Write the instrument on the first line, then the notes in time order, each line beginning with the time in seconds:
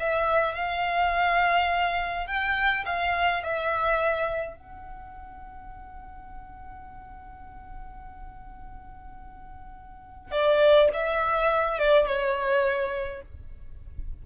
violin
0.00 E5
0.55 F5
2.27 G5
2.86 F5
3.44 E5
4.57 F#5
10.32 D5
10.94 E5
11.79 D5
12.07 C#5